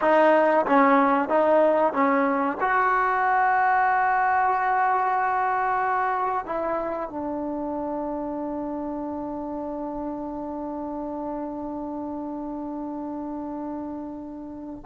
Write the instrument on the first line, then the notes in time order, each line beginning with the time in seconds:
trombone
0.01 D#4
0.65 C#4
1.28 D#4
1.93 C#4
2.60 F#4
6.45 E4
7.09 D4